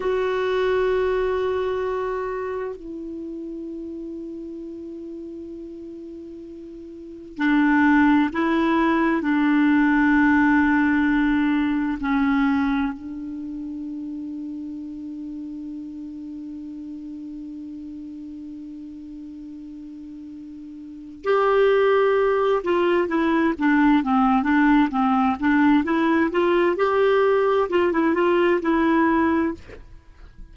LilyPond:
\new Staff \with { instrumentName = "clarinet" } { \time 4/4 \tempo 4 = 65 fis'2. e'4~ | e'1 | d'4 e'4 d'2~ | d'4 cis'4 d'2~ |
d'1~ | d'2. g'4~ | g'8 f'8 e'8 d'8 c'8 d'8 c'8 d'8 | e'8 f'8 g'4 f'16 e'16 f'8 e'4 | }